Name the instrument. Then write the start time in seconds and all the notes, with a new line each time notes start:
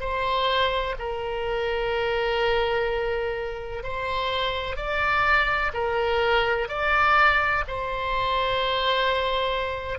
oboe
0.00 C5
0.99 A#4
3.83 C5
4.77 D5
5.74 A#4
6.68 D5
7.68 C5